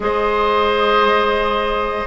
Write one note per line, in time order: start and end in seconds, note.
0.00 2.03 G#3
0.00 2.06 G#4
0.00 2.07 C5
0.00 2.07 D#5